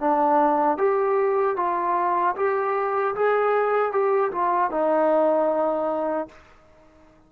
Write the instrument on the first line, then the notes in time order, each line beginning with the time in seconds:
trombone
0.00 D4
0.78 G4
1.56 F4
2.36 G4
3.15 G#4
3.92 G4
4.32 F4
4.71 D#4